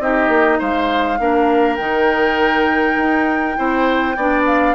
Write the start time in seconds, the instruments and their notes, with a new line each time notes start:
0.00 bassoon C4, clarinet D#4, oboe G4, flute D#5
0.29 bassoon A#3
0.59 bassoon G#3, oboe C5, flute F5
1.20 bassoon A#3, clarinet D4, oboe A#4
1.76 bassoon D#3, clarinet D#4, flute G5
2.97 bassoon D#4
3.56 bassoon C4, clarinet E4, oboe C5
4.17 bassoon B3, clarinet D4, oboe D5
4.46 flute F5